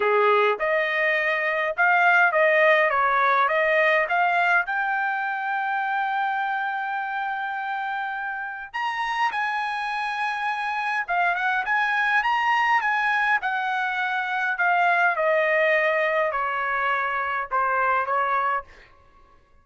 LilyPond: \new Staff \with { instrumentName = "trumpet" } { \time 4/4 \tempo 4 = 103 gis'4 dis''2 f''4 | dis''4 cis''4 dis''4 f''4 | g''1~ | g''2. ais''4 |
gis''2. f''8 fis''8 | gis''4 ais''4 gis''4 fis''4~ | fis''4 f''4 dis''2 | cis''2 c''4 cis''4 | }